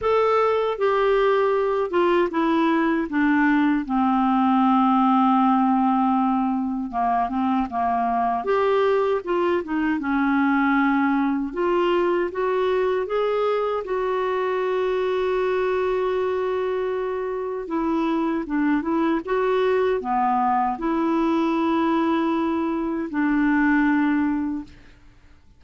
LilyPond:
\new Staff \with { instrumentName = "clarinet" } { \time 4/4 \tempo 4 = 78 a'4 g'4. f'8 e'4 | d'4 c'2.~ | c'4 ais8 c'8 ais4 g'4 | f'8 dis'8 cis'2 f'4 |
fis'4 gis'4 fis'2~ | fis'2. e'4 | d'8 e'8 fis'4 b4 e'4~ | e'2 d'2 | }